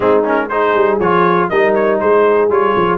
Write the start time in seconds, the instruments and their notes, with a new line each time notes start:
0.00 tuba G#3, trombone C4, horn D#4, trumpet G#4
0.25 trombone C#4, trumpet A#4
0.49 trombone D#4, horn G#4, trumpet C5
0.74 tuba G3
0.99 tuba F3, trombone F4, trumpet C#5
1.49 tuba G3, trombone D#4, horn A#4, trumpet D#5
1.74 trumpet C#5
1.99 tuba G#3, horn G#4, trumpet C5
2.49 tuba G3, trombone F4, trumpet C#5
2.76 tuba F3